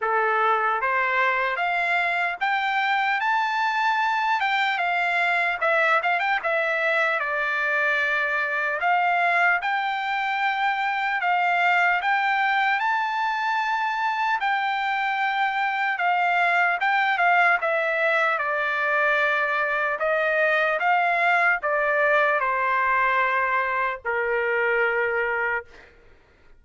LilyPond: \new Staff \with { instrumentName = "trumpet" } { \time 4/4 \tempo 4 = 75 a'4 c''4 f''4 g''4 | a''4. g''8 f''4 e''8 f''16 g''16 | e''4 d''2 f''4 | g''2 f''4 g''4 |
a''2 g''2 | f''4 g''8 f''8 e''4 d''4~ | d''4 dis''4 f''4 d''4 | c''2 ais'2 | }